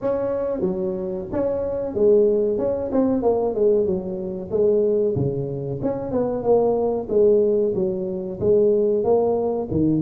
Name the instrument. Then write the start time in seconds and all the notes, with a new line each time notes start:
tuba
0.01 C#4
0.60 F#3
1.32 C#4
1.94 G#3
2.58 C#4
2.92 C4
3.22 A#3
3.55 G#3
3.85 F#3
4.50 G#3
5.15 C#3
5.82 C#4
6.11 B3
6.43 A#3
7.09 G#3
7.74 F#3
8.40 G#3
9.04 A#3
9.70 D#3